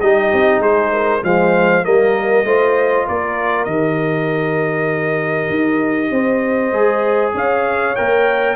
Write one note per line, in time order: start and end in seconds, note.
0.00 0.32 G3
0.00 1.22 D#4
0.00 0.60 G4
0.00 0.61 D#5
0.33 0.59 C4
0.59 1.20 G#3
0.59 0.91 G#4
0.59 1.24 C5
0.93 1.24 A#4
1.22 1.85 F3
1.22 1.84 G#3
1.22 1.85 C5
1.22 1.85 F5
1.84 2.45 G3
1.84 2.45 A#3
1.84 2.46 A#4
1.84 3.07 D#5
2.45 3.06 A3
2.45 3.67 F4
2.45 3.07 C5
3.07 3.66 A#3
3.07 6.11 A#4
3.07 3.65 D5
3.65 5.50 D#3
3.65 6.73 G4
3.65 7.32 D#5
5.50 6.11 D#4
6.11 6.72 C4
6.11 7.34 C5
6.72 7.33 G#3
6.72 7.95 G#4
7.34 7.96 C#4
7.34 8.56 C#5
7.34 7.96 F5
7.96 8.56 A#3
7.96 8.56 A#4
7.96 8.56 G5